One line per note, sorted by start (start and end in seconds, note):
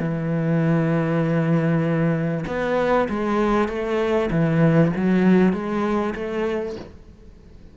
0.00 2.45 E3
2.47 3.09 B3
3.09 3.69 G#3
3.69 4.30 A3
4.31 4.93 E3
4.97 5.53 F#3
5.53 6.14 G#3
6.15 6.76 A3